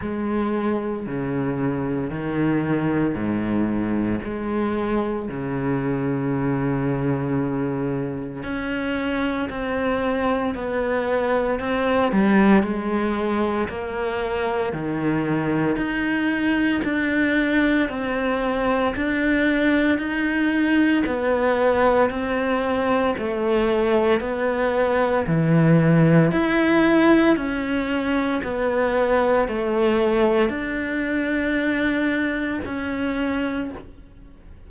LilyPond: \new Staff \with { instrumentName = "cello" } { \time 4/4 \tempo 4 = 57 gis4 cis4 dis4 gis,4 | gis4 cis2. | cis'4 c'4 b4 c'8 g8 | gis4 ais4 dis4 dis'4 |
d'4 c'4 d'4 dis'4 | b4 c'4 a4 b4 | e4 e'4 cis'4 b4 | a4 d'2 cis'4 | }